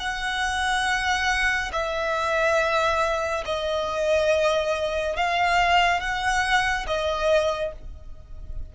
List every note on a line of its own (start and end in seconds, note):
0.00 1.71 F#5
1.73 3.44 E5
3.46 5.16 D#5
5.16 6.00 F5
6.00 6.86 F#5
6.87 7.73 D#5